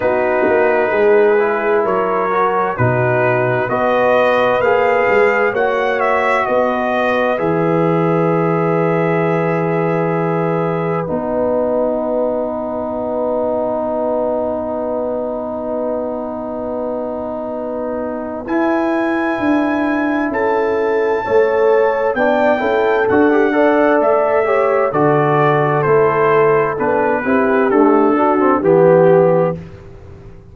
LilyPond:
<<
  \new Staff \with { instrumentName = "trumpet" } { \time 4/4 \tempo 4 = 65 b'2 cis''4 b'4 | dis''4 f''4 fis''8 e''8 dis''4 | e''1 | fis''1~ |
fis''1 | gis''2 a''2 | g''4 fis''4 e''4 d''4 | c''4 b'4 a'4 g'4 | }
  \new Staff \with { instrumentName = "horn" } { \time 4/4 fis'4 gis'4 ais'4 fis'4 | b'2 cis''4 b'4~ | b'1~ | b'1~ |
b'1~ | b'2 a'4 cis''4 | d''8 a'4 d''4 cis''8 a'4~ | a'4. g'4 fis'8 g'4 | }
  \new Staff \with { instrumentName = "trombone" } { \time 4/4 dis'4. e'4 fis'8 dis'4 | fis'4 gis'4 fis'2 | gis'1 | dis'1~ |
dis'1 | e'2. a'4 | d'8 e'8 fis'16 g'16 a'4 g'8 fis'4 | e'4 d'8 e'8 a8 d'16 c'16 b4 | }
  \new Staff \with { instrumentName = "tuba" } { \time 4/4 b8 ais8 gis4 fis4 b,4 | b4 ais8 gis8 ais4 b4 | e1 | b1~ |
b1 | e'4 d'4 cis'4 a4 | b8 cis'8 d'4 a4 d4 | a4 b8 c'8 d'4 e4 | }
>>